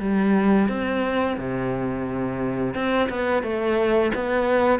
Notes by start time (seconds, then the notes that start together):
0.00 G3
0.69 C4
1.38 C3
2.75 C4
3.10 B3
3.43 A3
4.15 B3